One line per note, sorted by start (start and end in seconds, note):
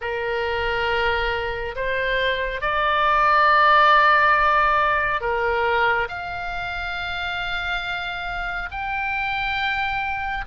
0.01 1.75 A#4
1.75 2.61 C5
2.61 5.21 D5
5.21 6.08 A#4
6.08 8.69 F5
8.71 10.45 G5